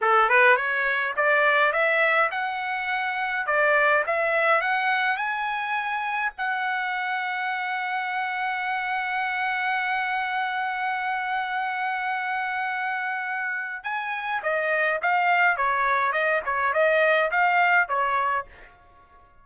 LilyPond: \new Staff \with { instrumentName = "trumpet" } { \time 4/4 \tempo 4 = 104 a'8 b'8 cis''4 d''4 e''4 | fis''2 d''4 e''4 | fis''4 gis''2 fis''4~ | fis''1~ |
fis''1~ | fis''1 | gis''4 dis''4 f''4 cis''4 | dis''8 cis''8 dis''4 f''4 cis''4 | }